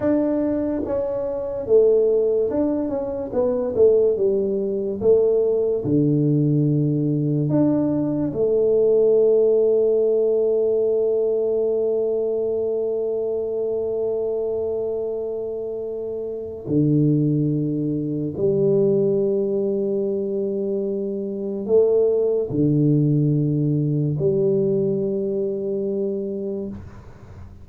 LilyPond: \new Staff \with { instrumentName = "tuba" } { \time 4/4 \tempo 4 = 72 d'4 cis'4 a4 d'8 cis'8 | b8 a8 g4 a4 d4~ | d4 d'4 a2~ | a1~ |
a1 | d2 g2~ | g2 a4 d4~ | d4 g2. | }